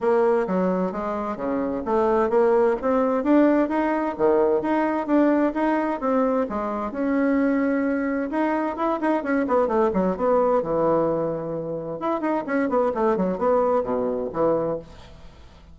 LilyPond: \new Staff \with { instrumentName = "bassoon" } { \time 4/4 \tempo 4 = 130 ais4 fis4 gis4 cis4 | a4 ais4 c'4 d'4 | dis'4 dis4 dis'4 d'4 | dis'4 c'4 gis4 cis'4~ |
cis'2 dis'4 e'8 dis'8 | cis'8 b8 a8 fis8 b4 e4~ | e2 e'8 dis'8 cis'8 b8 | a8 fis8 b4 b,4 e4 | }